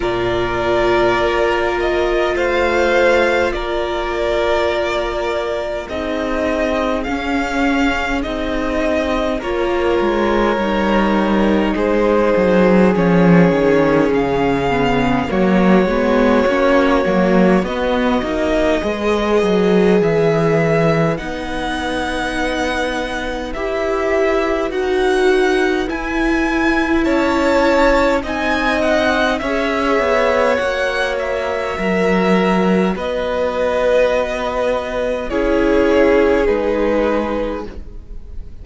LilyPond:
<<
  \new Staff \with { instrumentName = "violin" } { \time 4/4 \tempo 4 = 51 d''4. dis''8 f''4 d''4~ | d''4 dis''4 f''4 dis''4 | cis''2 c''4 cis''4 | f''4 cis''2 dis''4~ |
dis''4 e''4 fis''2 | e''4 fis''4 gis''4 a''4 | gis''8 fis''8 e''4 fis''8 e''4. | dis''2 cis''4 b'4 | }
  \new Staff \with { instrumentName = "violin" } { \time 4/4 ais'2 c''4 ais'4~ | ais'4 gis'2. | ais'2 gis'2~ | gis'4 fis'2. |
b'1~ | b'2. cis''4 | dis''4 cis''2 ais'4 | b'2 gis'2 | }
  \new Staff \with { instrumentName = "viola" } { \time 4/4 f'1~ | f'4 dis'4 cis'4 dis'4 | f'4 dis'2 cis'4~ | cis'8 b8 ais8 b8 cis'8 ais8 b8 dis'8 |
gis'2 dis'2 | g'4 fis'4 e'2 | dis'4 gis'4 fis'2~ | fis'2 e'4 dis'4 | }
  \new Staff \with { instrumentName = "cello" } { \time 4/4 ais,4 ais4 a4 ais4~ | ais4 c'4 cis'4 c'4 | ais8 gis8 g4 gis8 fis8 f8 dis8 | cis4 fis8 gis8 ais8 fis8 b8 ais8 |
gis8 fis8 e4 b2 | e'4 dis'4 e'4 cis'4 | c'4 cis'8 b8 ais4 fis4 | b2 cis'4 gis4 | }
>>